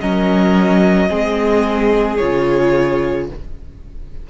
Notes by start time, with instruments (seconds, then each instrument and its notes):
0.00 cello F#3, viola C#4, violin A#4 D#5
1.08 cello G#3, viola C4, violin G#4
2.17 cello C#3, viola F4, violin C#5